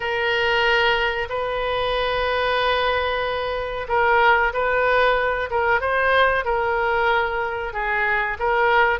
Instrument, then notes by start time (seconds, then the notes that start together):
oboe
0.00 A#4
1.29 B4
3.88 A#4
4.53 B4
5.50 A#4
5.80 C5
6.45 A#4
7.73 G#4
8.39 A#4